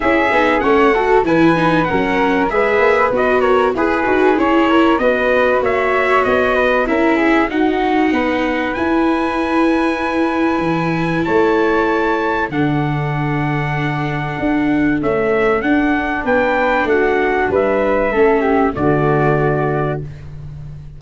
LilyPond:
<<
  \new Staff \with { instrumentName = "trumpet" } { \time 4/4 \tempo 4 = 96 e''4 fis''4 gis''4 fis''4 | e''4 dis''8 cis''8 b'4 cis''4 | dis''4 e''4 dis''4 e''4 | fis''2 gis''2~ |
gis''2 a''2 | fis''1 | e''4 fis''4 g''4 fis''4 | e''2 d''2 | }
  \new Staff \with { instrumentName = "flute" } { \time 4/4 gis'4 cis''8 a'8 b'4 ais'4 | b'4. ais'8 gis'4. ais'8 | b'4 cis''4. b'8 ais'8 gis'8 | fis'4 b'2.~ |
b'2 cis''2 | a'1~ | a'2 b'4 fis'4 | b'4 a'8 g'8 fis'2 | }
  \new Staff \with { instrumentName = "viola" } { \time 4/4 e'8 dis'8 cis'8 fis'8 e'8 dis'8 cis'4 | gis'4 fis'4 gis'8 fis'8 e'4 | fis'2. e'4 | dis'2 e'2~ |
e'1 | d'1 | a4 d'2.~ | d'4 cis'4 a2 | }
  \new Staff \with { instrumentName = "tuba" } { \time 4/4 cis'8 b8 a4 e4 fis4 | gis8 ais8 b4 e'8 dis'8 cis'4 | b4 ais4 b4 cis'4 | dis'4 b4 e'2~ |
e'4 e4 a2 | d2. d'4 | cis'4 d'4 b4 a4 | g4 a4 d2 | }
>>